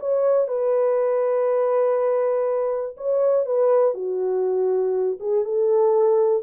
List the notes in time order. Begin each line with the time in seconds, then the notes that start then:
0.00 C#5
0.48 B4
2.97 C#5
3.46 B4
3.95 F#4
5.20 G#4
5.45 A4